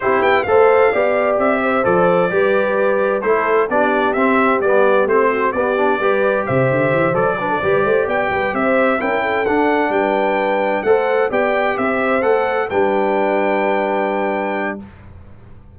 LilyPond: <<
  \new Staff \with { instrumentName = "trumpet" } { \time 4/4 \tempo 4 = 130 c''8 g''8 f''2 e''4 | d''2. c''4 | d''4 e''4 d''4 c''4 | d''2 e''4. d''8~ |
d''4. g''4 e''4 g''8~ | g''8 fis''4 g''2 fis''8~ | fis''8 g''4 e''4 fis''4 g''8~ | g''1 | }
  \new Staff \with { instrumentName = "horn" } { \time 4/4 g'4 c''4 d''4. c''8~ | c''4 b'2 a'4 | g'2.~ g'8 fis'8 | g'4 b'4 c''2 |
b'16 a'16 b'8 c''8 d''8 b'8 c''4 ais'8 | a'4. b'2 c''8~ | c''8 d''4 c''2 b'8~ | b'1 | }
  \new Staff \with { instrumentName = "trombone" } { \time 4/4 e'4 a'4 g'2 | a'4 g'2 e'4 | d'4 c'4 b4 c'4 | b8 d'8 g'2~ g'8 a'8 |
d'8 g'2. e'8~ | e'8 d'2. a'8~ | a'8 g'2 a'4 d'8~ | d'1 | }
  \new Staff \with { instrumentName = "tuba" } { \time 4/4 c'8 b8 a4 b4 c'4 | f4 g2 a4 | b4 c'4 g4 a4 | b4 g4 c8 d8 e8 fis8~ |
fis8 g8 a8 b8 g8 c'4 cis'8~ | cis'8 d'4 g2 a8~ | a8 b4 c'4 a4 g8~ | g1 | }
>>